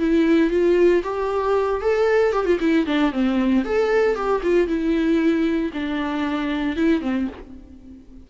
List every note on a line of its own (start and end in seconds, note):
0.00 0.51 E4
0.51 1.03 F4
1.04 1.82 G4
1.82 2.33 A4
2.33 2.46 G4
2.46 2.59 F4
2.60 2.86 E4
2.87 3.13 D4
3.13 3.65 C4
3.65 4.16 A4
4.16 4.42 G4
4.43 4.68 F4
4.68 5.72 E4
5.74 6.77 D4
6.77 7.02 E4
7.02 7.28 C4